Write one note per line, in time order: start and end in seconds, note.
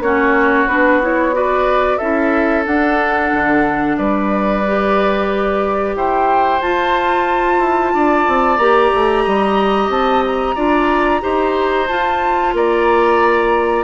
0.00 0.66 A#3
0.00 0.69 C#4
0.00 1.35 F#4
0.00 0.68 C#5
0.68 1.99 B3
0.68 1.02 D4
0.68 1.01 B4
1.02 1.32 E4
1.02 1.34 C#5
1.32 1.98 F#4
1.32 1.98 B4
1.32 1.97 D5
1.97 2.66 C#4
1.97 2.65 E4
1.97 3.96 A4
1.97 2.63 E5
2.65 4.63 D4
2.65 3.32 D4
2.65 3.97 F#5
3.32 3.98 D3
3.97 5.95 G3
3.97 5.95 B4
3.97 5.95 D5
4.66 6.62 G4
5.95 6.61 E4
5.95 7.93 C5
5.95 6.61 G5
6.61 7.59 F4
6.61 8.60 F4
6.61 8.57 A5
7.59 7.92 E4
7.93 8.26 D4
7.93 9.24 D5
8.27 8.58 C4
8.57 8.91 A#3
8.57 10.56 G4
8.57 9.89 A#5
8.94 9.26 A3
9.24 9.89 G3
9.24 10.55 D#5
9.89 10.55 C4
9.89 10.23 A5
10.26 11.87 A#5
10.55 11.22 D4
10.55 11.20 F4
10.55 11.21 D5
11.20 11.89 D#4
11.20 11.86 G4
11.20 12.54 C5
11.87 13.84 F4
11.87 12.53 F4
11.87 12.53 A5
12.53 13.84 A#3
12.53 13.84 D5
12.53 13.84 A#5